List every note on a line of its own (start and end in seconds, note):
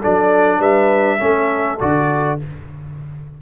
0.00 0.60 F#3
0.00 1.19 D4
0.00 0.59 A4
0.00 0.61 D5
0.59 1.19 G3
0.59 1.18 B4
0.59 1.80 E5
1.19 1.81 A3
1.19 1.78 C#4
1.19 2.39 A4
1.80 2.41 D3
1.80 2.39 F#4
1.80 2.39 D5